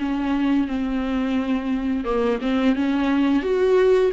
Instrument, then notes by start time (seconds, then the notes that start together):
viola
0.00 C#4
0.68 C4
2.05 A#3
2.42 C4
2.76 C#4
3.43 F#4